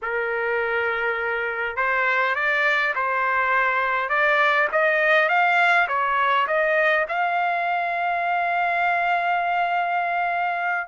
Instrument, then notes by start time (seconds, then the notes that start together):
trumpet
0.02 A#4
1.76 C5
2.35 D5
2.95 C5
4.09 D5
4.72 D#5
5.28 F5
5.88 C#5
6.47 D#5
7.08 F5